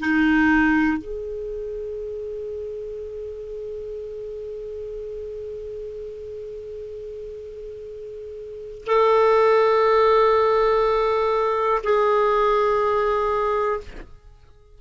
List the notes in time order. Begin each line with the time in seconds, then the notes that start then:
0.00 D#4
0.98 G#4
8.87 A4
11.84 G#4